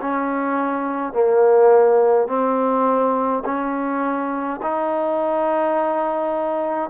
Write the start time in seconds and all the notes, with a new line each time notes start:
0.00 C#4
1.13 A#3
2.28 C4
3.45 C#4
4.62 D#4